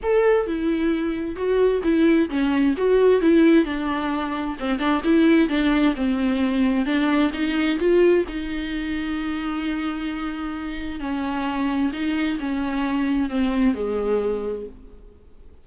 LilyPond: \new Staff \with { instrumentName = "viola" } { \time 4/4 \tempo 4 = 131 a'4 e'2 fis'4 | e'4 cis'4 fis'4 e'4 | d'2 c'8 d'8 e'4 | d'4 c'2 d'4 |
dis'4 f'4 dis'2~ | dis'1 | cis'2 dis'4 cis'4~ | cis'4 c'4 gis2 | }